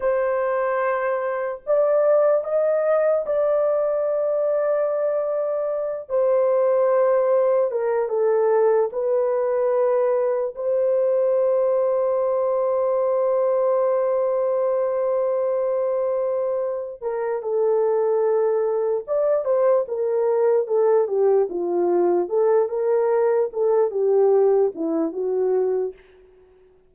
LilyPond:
\new Staff \with { instrumentName = "horn" } { \time 4/4 \tempo 4 = 74 c''2 d''4 dis''4 | d''2.~ d''8 c''8~ | c''4. ais'8 a'4 b'4~ | b'4 c''2.~ |
c''1~ | c''4 ais'8 a'2 d''8 | c''8 ais'4 a'8 g'8 f'4 a'8 | ais'4 a'8 g'4 e'8 fis'4 | }